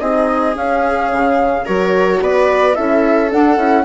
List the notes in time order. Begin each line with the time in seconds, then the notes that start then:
0.00 C4 D#4 G#4 D#5
0.56 C#4 F5
1.12 C#3
1.66 F#3 F#4 A#4 C#5
2.22 B3 B4 D5
2.75 C#4 E4 A4 E5
3.31 D4 F#5
3.57 C#4 E4